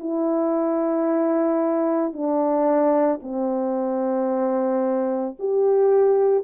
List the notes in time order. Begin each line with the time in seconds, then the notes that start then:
0.00 E4
2.13 D4
3.22 C4
5.39 G4